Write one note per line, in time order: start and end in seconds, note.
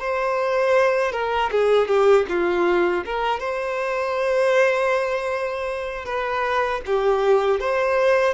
0.00 1.12 C5
1.12 1.50 A#4
1.52 1.88 G#4
1.88 2.26 G4
2.29 3.05 F4
3.06 3.40 A#4
3.40 6.06 C5
6.06 6.81 B4
6.86 7.60 G4
7.60 8.34 C5